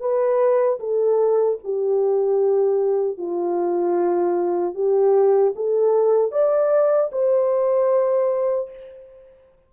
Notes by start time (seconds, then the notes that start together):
0.00 B4
0.80 A4
1.64 G4
3.18 F4
4.75 G4
5.56 A4
6.32 D5
7.12 C5